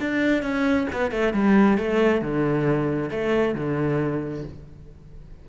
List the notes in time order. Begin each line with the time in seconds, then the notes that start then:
0.00 D4
0.42 C#4
0.92 B3
1.11 A3
1.33 G3
1.78 A3
2.21 D3
3.11 A3
3.55 D3